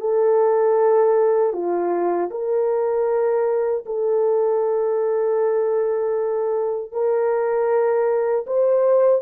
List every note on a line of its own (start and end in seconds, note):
0.00 1.52 A4
1.52 2.29 F4
2.30 3.84 A#4
3.85 6.91 A4
6.91 8.45 A#4
8.46 9.21 C5